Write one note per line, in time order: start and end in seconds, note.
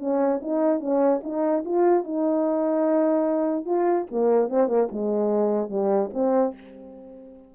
0.00 0.41 C#4
0.42 0.81 D#4
0.81 1.22 C#4
1.24 1.65 D#4
1.66 2.04 F4
2.04 3.66 D#4
3.66 4.06 F4
4.12 4.50 A#3
4.50 4.68 C4
4.68 4.89 A#3
4.92 5.70 G#3
5.70 6.11 G3
6.14 6.55 C4